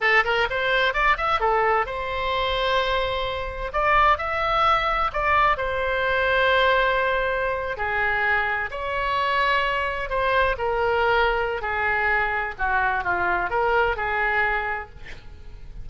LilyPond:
\new Staff \with { instrumentName = "oboe" } { \time 4/4 \tempo 4 = 129 a'8 ais'8 c''4 d''8 e''8 a'4 | c''1 | d''4 e''2 d''4 | c''1~ |
c''8. gis'2 cis''4~ cis''16~ | cis''4.~ cis''16 c''4 ais'4~ ais'16~ | ais'4 gis'2 fis'4 | f'4 ais'4 gis'2 | }